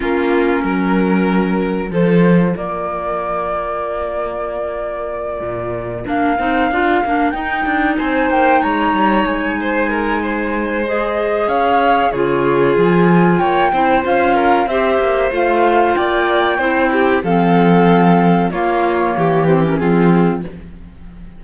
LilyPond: <<
  \new Staff \with { instrumentName = "flute" } { \time 4/4 \tempo 4 = 94 ais'2. c''4 | d''1~ | d''4. f''2 g''8~ | g''8 gis''8 g''8 ais''4 gis''4.~ |
gis''4 dis''4 f''4 cis''4 | gis''4 g''4 f''4 e''4 | f''4 g''2 f''4~ | f''4 cis''4. c''16 ais'16 gis'4 | }
  \new Staff \with { instrumentName = "violin" } { \time 4/4 f'4 ais'2 a'4 | ais'1~ | ais'1~ | ais'8 c''4 cis''4. c''8 ais'8 |
c''2 cis''4 gis'4~ | gis'4 cis''8 c''4 ais'8 c''4~ | c''4 d''4 c''8 g'8 a'4~ | a'4 f'4 g'4 f'4 | }
  \new Staff \with { instrumentName = "clarinet" } { \time 4/4 cis'2. f'4~ | f'1~ | f'4. d'8 dis'8 f'8 d'8 dis'8~ | dis'1~ |
dis'4 gis'2 f'4~ | f'4. e'8 f'4 g'4 | f'2 e'4 c'4~ | c'4 ais4. c'16 cis'16 c'4 | }
  \new Staff \with { instrumentName = "cello" } { \time 4/4 ais4 fis2 f4 | ais1~ | ais8 ais,4 ais8 c'8 d'8 ais8 dis'8 | d'8 c'8 ais8 gis8 g8 gis4.~ |
gis2 cis'4 cis4 | f4 ais8 c'8 cis'4 c'8 ais8 | a4 ais4 c'4 f4~ | f4 ais4 e4 f4 | }
>>